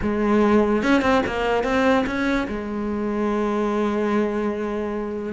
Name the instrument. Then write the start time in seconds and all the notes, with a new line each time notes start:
cello
0.01 G#3
0.82 C#4
1.01 C4
1.26 A#3
1.63 C4
2.06 C#4
2.48 G#3